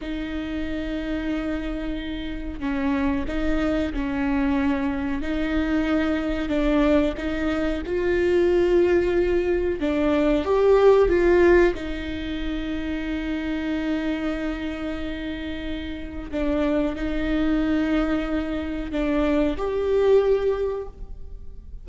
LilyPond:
\new Staff \with { instrumentName = "viola" } { \time 4/4 \tempo 4 = 92 dis'1 | cis'4 dis'4 cis'2 | dis'2 d'4 dis'4 | f'2. d'4 |
g'4 f'4 dis'2~ | dis'1~ | dis'4 d'4 dis'2~ | dis'4 d'4 g'2 | }